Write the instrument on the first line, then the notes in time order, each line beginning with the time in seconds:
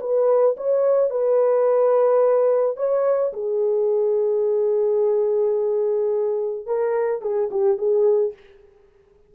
horn
0.00 B4
0.57 C#5
1.10 B4
2.77 C#5
3.33 G#4
6.66 A#4
7.22 G#4
7.51 G4
7.78 G#4